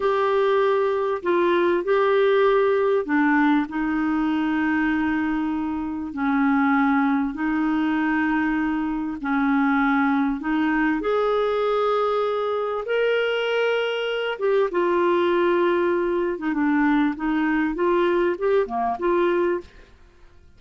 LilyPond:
\new Staff \with { instrumentName = "clarinet" } { \time 4/4 \tempo 4 = 98 g'2 f'4 g'4~ | g'4 d'4 dis'2~ | dis'2 cis'2 | dis'2. cis'4~ |
cis'4 dis'4 gis'2~ | gis'4 ais'2~ ais'8 g'8 | f'2~ f'8. dis'16 d'4 | dis'4 f'4 g'8 ais8 f'4 | }